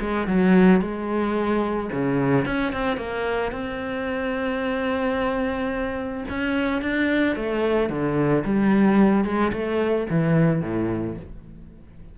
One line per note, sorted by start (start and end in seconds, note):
0.00 0.27 G#3
0.27 0.81 F#3
0.81 1.90 G#3
1.92 2.45 C#3
2.45 2.72 C#4
2.72 2.97 C4
2.97 3.52 A#3
3.52 6.24 C4
6.29 6.82 C#4
6.82 7.36 D4
7.36 7.89 A3
7.89 8.44 D3
8.44 9.24 G3
9.24 9.52 G#3
9.53 10.07 A3
10.10 10.62 E3
10.62 11.16 A2